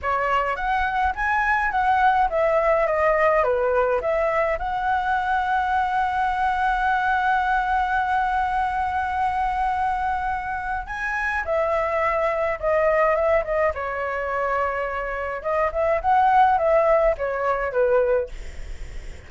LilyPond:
\new Staff \with { instrumentName = "flute" } { \time 4/4 \tempo 4 = 105 cis''4 fis''4 gis''4 fis''4 | e''4 dis''4 b'4 e''4 | fis''1~ | fis''1~ |
fis''2. gis''4 | e''2 dis''4 e''8 dis''8 | cis''2. dis''8 e''8 | fis''4 e''4 cis''4 b'4 | }